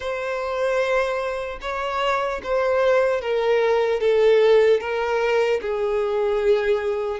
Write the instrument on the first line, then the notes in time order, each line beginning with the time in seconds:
violin
0.00 C5
1.61 C#5
2.43 C5
3.21 A#4
4.00 A4
4.80 A#4
5.61 G#4